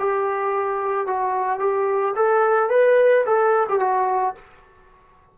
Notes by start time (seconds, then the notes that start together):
0.00 G4
1.07 F#4
1.60 G4
2.16 A4
2.70 B4
3.26 A4
3.69 G4
3.80 F#4